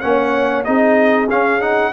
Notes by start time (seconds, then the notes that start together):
0.00 A#3 C#4 C#5 F#5
0.64 C4 D#4 G#4 D#5
1.30 C#4 F5
1.61 D#4 F#5